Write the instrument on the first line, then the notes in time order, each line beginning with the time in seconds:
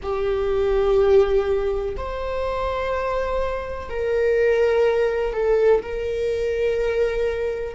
viola
0.02 G4
1.97 C5
3.89 A#4
5.33 A4
5.82 A#4